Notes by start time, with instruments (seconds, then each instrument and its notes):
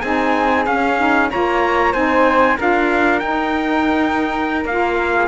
0.00 cello C4, saxophone D#4, flute G#4, trumpet G#5
0.66 cello C#4, saxophone C#4, trumpet F5
0.98 saxophone D#4
1.30 cello A#3, saxophone F4, flute C#5, trumpet A#5
1.93 cello C4, saxophone D#4, flute C5, trumpet G#5
2.57 cello D4, saxophone F4, flute A#4, trumpet F5
3.19 saxophone D#4, cello D#4, trumpet G5
4.65 cello A#3, saxophone F4, trumpet F5
5.15 flute G#4